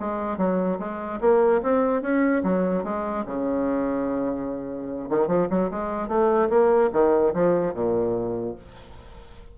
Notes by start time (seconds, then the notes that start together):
0.00 G#3
0.38 F#3
0.79 G#3
1.21 A#3
1.63 C4
2.02 C#4
2.44 F#3
2.84 G#3
3.26 C#3
5.10 D#3
5.27 F3
5.50 F#3
5.71 G#3
6.09 A3
6.50 A#3
6.93 D#3
7.34 F3
7.74 A#2